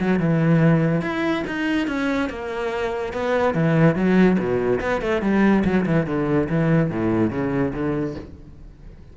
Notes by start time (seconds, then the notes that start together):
0.00 F#3
0.19 E3
1.02 E4
1.47 D#4
1.88 C#4
2.29 A#3
3.13 B3
3.55 E3
3.96 F#3
4.39 B2
4.81 B3
5.02 A3
5.22 G3
5.65 F#3
5.86 E3
6.06 D3
6.50 E3
6.91 A2
7.31 C#3
7.74 D3